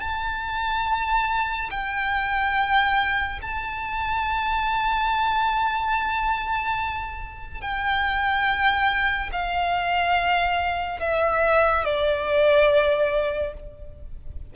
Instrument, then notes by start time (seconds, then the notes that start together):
violin
0.00 A5
1.70 G5
3.41 A5
7.61 G5
9.32 F5
11.00 E5
11.84 D5